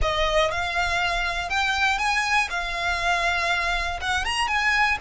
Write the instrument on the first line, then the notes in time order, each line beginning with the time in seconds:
violin
0.01 D#5
0.51 F5
1.49 G5
1.98 G#5
2.50 F5
4.00 F#5
4.24 A#5
4.47 G#5